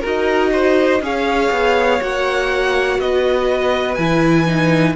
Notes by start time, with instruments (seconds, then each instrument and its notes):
0.00 cello D#4, viola F#4, violin A#4 D#5
0.52 violin C5
1.00 cello C#4, viola G#4, violin C#5 F5
1.51 cello B3
2.00 cello A#3, viola F#4, violin F#5
2.98 cello B3, violin B4 D#5
3.94 cello E3, viola E4, violin G#5
4.45 viola D#4